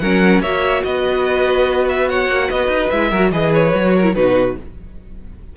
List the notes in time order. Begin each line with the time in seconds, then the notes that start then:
0.00 F#3 C#4 A#4 F#5
0.40 A#3 F#4 C#5 E5
0.84 B3 B4 D#5
1.89 E5
2.09 C#5 F#5
2.29 A#3
2.48 B3 B4 D#5
2.68 D#4
2.90 G#3 E4 E5
3.10 F#3 F#4 A#4
3.32 E3 G#4 B4 D#5
3.54 C#5
3.75 F#3 F#4
3.96 A#4
4.04 E4
4.15 B2 D#4 F#4 B4